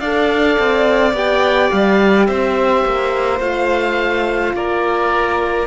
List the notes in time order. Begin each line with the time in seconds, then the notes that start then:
0.00 D4 A4 D5 F5
0.59 C4
1.13 B3 G4 G5
1.71 G3 F5
2.26 C4 C5 E5
2.85 A#3
3.40 A3 F4 F5
4.53 A#3 A#4 D5